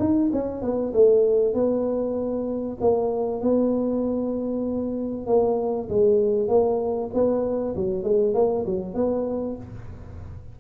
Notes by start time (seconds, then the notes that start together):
0.00 D#4
0.33 C#4
0.62 B3
0.94 A3
1.54 B3
2.81 A#3
3.42 B3
5.27 A#3
5.89 G#3
6.49 A#3
7.14 B3
7.76 F#3
8.04 G#3
8.35 A#3
8.67 F#3
8.95 B3